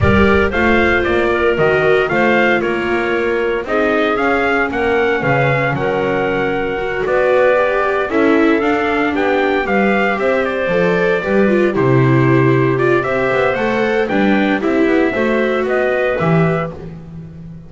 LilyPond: <<
  \new Staff \with { instrumentName = "trumpet" } { \time 4/4 \tempo 4 = 115 d''4 f''4 d''4 dis''4 | f''4 cis''2 dis''4 | f''4 fis''4 f''4 fis''4~ | fis''4. d''2 e''8~ |
e''8 f''4 g''4 f''4 e''8 | d''2~ d''8 c''4.~ | c''8 d''8 e''4 fis''4 g''4 | e''2 dis''4 e''4 | }
  \new Staff \with { instrumentName = "clarinet" } { \time 4/4 ais'4 c''4. ais'4. | c''4 ais'2 gis'4~ | gis'4 ais'4 b'4 ais'4~ | ais'4. b'2 a'8~ |
a'4. g'4 b'4 c''8~ | c''4. b'4 g'4.~ | g'4 c''2 b'4 | g'4 c''4 b'2 | }
  \new Staff \with { instrumentName = "viola" } { \time 4/4 g'4 f'2 fis'4 | f'2. dis'4 | cis'1~ | cis'4 fis'4. g'4 e'8~ |
e'8 d'2 g'4.~ | g'8 a'4 g'8 f'8 e'4.~ | e'8 f'8 g'4 a'4 d'4 | e'4 fis'2 g'4 | }
  \new Staff \with { instrumentName = "double bass" } { \time 4/4 g4 a4 ais4 dis4 | a4 ais2 c'4 | cis'4 ais4 cis4 fis4~ | fis4. b2 cis'8~ |
cis'8 d'4 b4 g4 c'8~ | c'8 f4 g4 c4.~ | c4 c'8 b8 a4 g4 | c'8 b8 a4 b4 e4 | }
>>